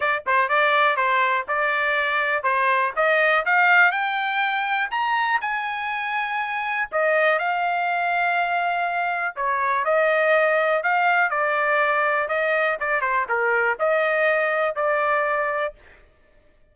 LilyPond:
\new Staff \with { instrumentName = "trumpet" } { \time 4/4 \tempo 4 = 122 d''8 c''8 d''4 c''4 d''4~ | d''4 c''4 dis''4 f''4 | g''2 ais''4 gis''4~ | gis''2 dis''4 f''4~ |
f''2. cis''4 | dis''2 f''4 d''4~ | d''4 dis''4 d''8 c''8 ais'4 | dis''2 d''2 | }